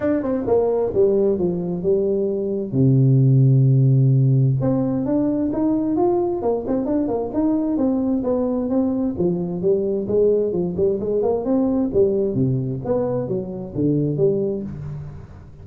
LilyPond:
\new Staff \with { instrumentName = "tuba" } { \time 4/4 \tempo 4 = 131 d'8 c'8 ais4 g4 f4 | g2 c2~ | c2 c'4 d'4 | dis'4 f'4 ais8 c'8 d'8 ais8 |
dis'4 c'4 b4 c'4 | f4 g4 gis4 f8 g8 | gis8 ais8 c'4 g4 c4 | b4 fis4 d4 g4 | }